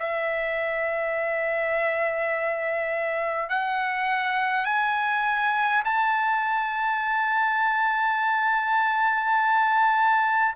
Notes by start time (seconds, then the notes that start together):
0.00 E5
3.50 F#5
4.65 G#5
5.85 A5